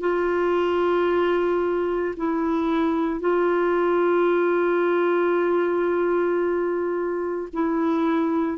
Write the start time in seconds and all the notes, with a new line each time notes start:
0.00 F4
2.16 E4
3.19 F4
7.52 E4